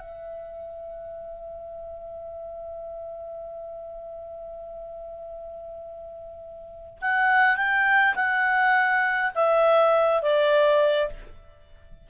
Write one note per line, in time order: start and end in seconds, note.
0.00 6.99 E5
7.02 7.57 F#5
7.57 8.15 G5
8.16 9.32 F#5
9.35 10.22 E5
10.22 11.10 D5